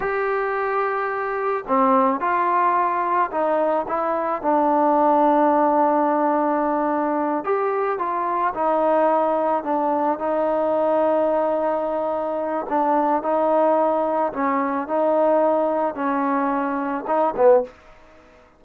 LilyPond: \new Staff \with { instrumentName = "trombone" } { \time 4/4 \tempo 4 = 109 g'2. c'4 | f'2 dis'4 e'4 | d'1~ | d'4. g'4 f'4 dis'8~ |
dis'4. d'4 dis'4.~ | dis'2. d'4 | dis'2 cis'4 dis'4~ | dis'4 cis'2 dis'8 b8 | }